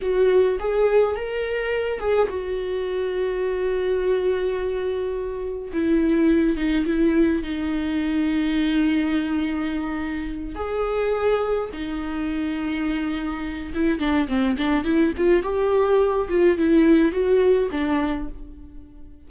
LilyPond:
\new Staff \with { instrumentName = "viola" } { \time 4/4 \tempo 4 = 105 fis'4 gis'4 ais'4. gis'8 | fis'1~ | fis'2 e'4. dis'8 | e'4 dis'2.~ |
dis'2~ dis'8 gis'4.~ | gis'8 dis'2.~ dis'8 | e'8 d'8 c'8 d'8 e'8 f'8 g'4~ | g'8 f'8 e'4 fis'4 d'4 | }